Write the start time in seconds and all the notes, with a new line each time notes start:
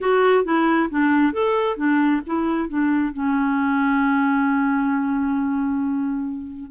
0.00 F#4
0.44 E4
0.90 D4
1.32 A4
1.76 D4
2.26 E4
2.68 D4
3.13 C#4